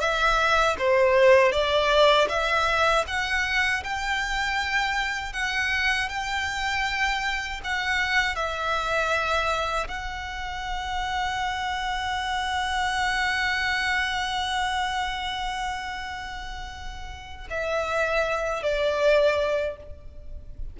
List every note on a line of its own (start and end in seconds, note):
0.00 0.76 E5
0.78 1.52 C5
1.52 2.28 D5
2.29 3.05 E5
3.07 3.83 F#5
3.84 5.33 G5
5.33 6.09 F#5
6.09 7.61 G5
7.64 8.35 F#5
8.35 9.87 E5
9.88 17.48 F#5
17.50 18.63 E5
18.63 19.77 D5